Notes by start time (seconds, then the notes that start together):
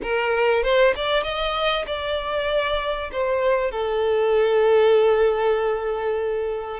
0.02 A#4
0.63 C5
0.95 D5
1.23 D#5
1.86 D5
3.12 C5
3.71 A4